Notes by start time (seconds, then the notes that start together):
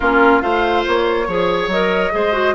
0.00 A#3 C#4 F4 A#4
0.41 A3 F4 C5 F5
0.87 A#3 C#5
1.27 F3 G#4 C#5
1.67 F#3 A#4 D#5
2.11 G#3 G#4 C5
2.32 F#4